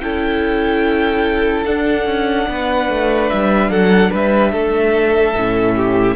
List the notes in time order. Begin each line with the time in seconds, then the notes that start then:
0.00 C#4 E4 A4 G5
1.65 D4 F#5
2.06 C#4
2.48 B3 B4
2.89 A3
3.29 G3 E5
3.69 F#3 A4 F#5
4.10 G3 B4 E5
4.52 A3 A4
5.35 A2 C#4
5.76 G4